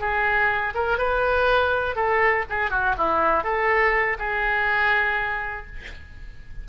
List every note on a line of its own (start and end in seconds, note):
0.00 0.74 G#4
0.74 0.98 A#4
0.98 1.96 B4
1.96 2.45 A4
2.50 2.71 G#4
2.71 2.95 F#4
2.98 3.44 E4
3.44 4.17 A4
4.19 5.66 G#4